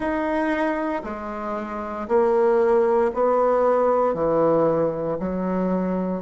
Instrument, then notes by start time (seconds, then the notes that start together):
bassoon
0.00 D#4
1.03 G#3
2.07 A#3
3.14 B3
4.14 E3
5.20 F#3